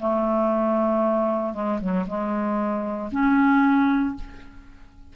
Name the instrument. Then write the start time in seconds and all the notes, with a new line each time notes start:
clarinet
0.00 A3
1.54 G#3
1.81 F#3
2.07 G#3
3.12 C#4